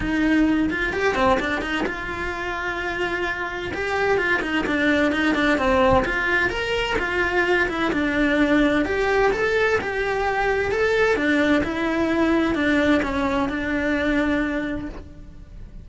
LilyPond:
\new Staff \with { instrumentName = "cello" } { \time 4/4 \tempo 4 = 129 dis'4. f'8 g'8 c'8 d'8 dis'8 | f'1 | g'4 f'8 dis'8 d'4 dis'8 d'8 | c'4 f'4 ais'4 f'4~ |
f'8 e'8 d'2 g'4 | a'4 g'2 a'4 | d'4 e'2 d'4 | cis'4 d'2. | }